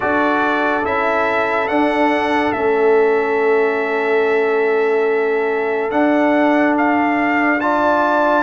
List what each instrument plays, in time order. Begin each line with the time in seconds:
0.00 tuba D4, trombone F#4, horn A4, trumpet D5
0.84 tuba C#4, trombone E4, trumpet E5
1.68 tuba D4, trombone D4, trumpet F#5
2.52 tuba A3, trombone C#4, trumpet E5
5.90 trombone D4, tuba D4, trumpet F#5
6.77 trumpet F5
7.60 trombone F4, horn D5, trumpet A5